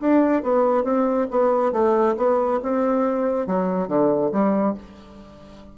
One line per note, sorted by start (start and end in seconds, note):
0.00 0.43 D4
0.43 0.84 B3
0.84 1.27 C4
1.30 1.72 B3
1.72 2.15 A3
2.17 2.60 B3
2.63 3.46 C4
3.46 3.88 F#3
3.88 4.31 D3
4.31 4.75 G3